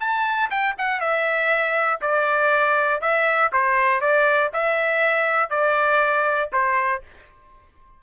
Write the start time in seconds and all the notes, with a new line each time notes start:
0.00 A5
0.50 G5
0.78 F#5
1.00 E5
2.01 D5
3.01 E5
3.52 C5
4.00 D5
4.53 E5
5.50 D5
6.52 C5